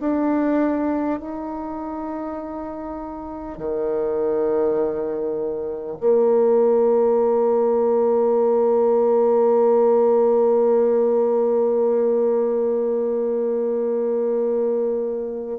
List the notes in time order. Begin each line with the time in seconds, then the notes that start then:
0.00 D4
1.19 D#4
3.58 D#3
6.00 A#3